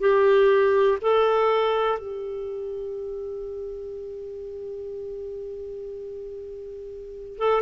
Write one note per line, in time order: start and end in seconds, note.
0.00 0.98 G4
1.01 1.99 A4
1.99 7.38 G4
7.38 7.62 A4